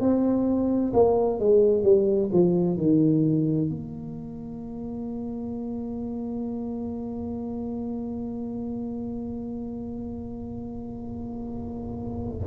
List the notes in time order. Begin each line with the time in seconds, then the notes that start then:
0.00 C4
0.93 A#3
1.39 G#3
1.83 G3
2.32 F3
2.77 D#3
3.69 A#3